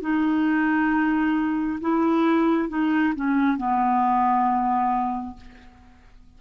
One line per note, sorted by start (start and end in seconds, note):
0.00 1.79 D#4
1.80 2.68 E4
2.68 3.13 D#4
3.15 3.57 C#4
3.57 5.36 B3